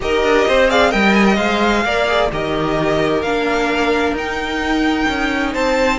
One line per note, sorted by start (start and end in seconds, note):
0.00 0.23 D#4
0.00 0.69 G4
0.00 0.47 A#4
0.00 0.69 D#5
0.23 0.46 D4
0.47 0.93 C4
0.47 0.69 C5
0.69 0.90 G#4
0.69 0.89 D5
0.69 0.91 F5
0.89 1.38 G3
0.89 1.36 A#4
0.89 1.82 D#5
0.89 1.14 G5
1.14 1.25 G#5
1.25 1.36 G5
1.36 1.84 G#3
1.36 1.82 C5
1.36 2.28 F5
1.84 2.31 A#3
1.84 2.07 A#4
1.84 2.31 D5
2.07 2.30 G#4
2.31 3.21 D#3
2.31 3.24 G4
2.31 5.52 A#4
2.31 3.22 D#5
3.21 4.12 A#3
3.21 4.17 D4
3.21 4.14 F5
4.12 5.04 D#4
4.12 5.54 G5
4.19 5.99 D#4
5.08 5.54 C#4
5.52 5.99 C4
5.52 5.98 C5
5.52 5.99 A5